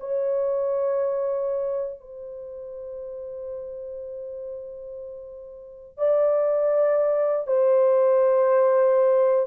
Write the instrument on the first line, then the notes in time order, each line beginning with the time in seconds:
horn
0.00 C#5
2.00 C5
5.97 D5
7.47 C5